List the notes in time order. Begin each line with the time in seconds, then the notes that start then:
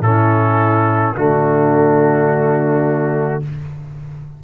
0.00 A2 C#4 E4 A4
1.14 D3 A3 D4 F#4